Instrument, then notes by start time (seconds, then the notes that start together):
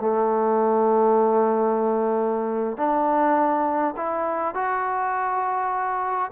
trombone
0.00 A3
2.77 D4
3.97 E4
4.54 F#4